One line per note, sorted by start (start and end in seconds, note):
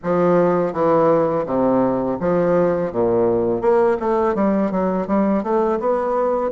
0.03 0.72 F3
0.72 1.45 E3
1.46 2.18 C3
2.19 2.92 F3
2.92 3.61 A#2
3.61 3.97 A#3
3.99 4.34 A3
4.34 4.71 G3
4.71 5.07 F#3
5.07 5.42 G3
5.42 5.79 A3
5.79 6.51 B3